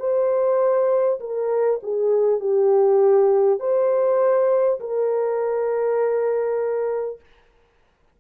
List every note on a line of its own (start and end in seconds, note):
0.00 1.20 C5
1.20 1.80 A#4
1.83 2.40 G#4
2.40 3.59 G4
3.59 4.79 C5
4.81 7.21 A#4